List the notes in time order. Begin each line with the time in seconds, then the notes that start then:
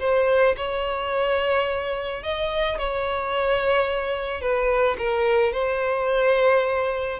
0.00 C5
0.57 C#5
2.23 D#5
2.79 C#5
4.41 B4
4.98 A#4
5.53 C5